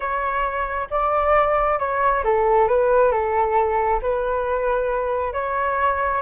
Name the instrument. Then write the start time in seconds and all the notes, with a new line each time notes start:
flute
0.00 C#5
0.90 D5
1.79 C#5
2.24 A4
2.68 B4
3.11 A4
4.01 B4
5.33 C#5